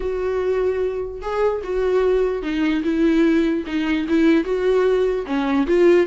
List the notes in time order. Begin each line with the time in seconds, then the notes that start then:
0.00 F#4
1.21 G#4
1.63 F#4
2.42 D#4
2.83 E4
3.66 D#4
4.08 E4
4.44 F#4
5.26 C#4
5.67 F4